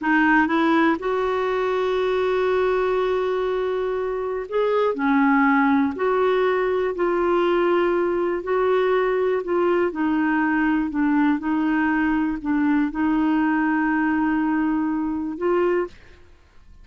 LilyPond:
\new Staff \with { instrumentName = "clarinet" } { \time 4/4 \tempo 4 = 121 dis'4 e'4 fis'2~ | fis'1~ | fis'4 gis'4 cis'2 | fis'2 f'2~ |
f'4 fis'2 f'4 | dis'2 d'4 dis'4~ | dis'4 d'4 dis'2~ | dis'2. f'4 | }